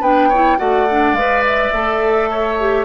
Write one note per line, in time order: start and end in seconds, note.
0.00 0.58 B3
0.00 0.31 D4
0.00 0.28 B4
0.00 0.58 G5
0.28 0.58 E4
0.28 0.57 C#5
0.58 1.12 A3
0.58 0.86 F#4
0.58 2.30 D5
0.58 1.14 F#5
0.90 1.17 D4
1.12 1.70 G#3
1.12 1.74 B4
1.12 1.42 F5
1.46 2.85 E5
1.72 2.85 A3
1.72 2.60 A4
2.30 2.85 C#5
2.60 2.85 G4